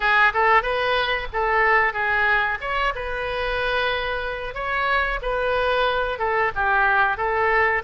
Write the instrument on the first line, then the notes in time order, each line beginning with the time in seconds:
oboe
0.00 G#4
0.33 A4
0.62 B4
1.32 A4
1.93 G#4
2.61 C#5
2.95 B4
4.54 C#5
5.22 B4
6.18 A4
6.55 G4
7.17 A4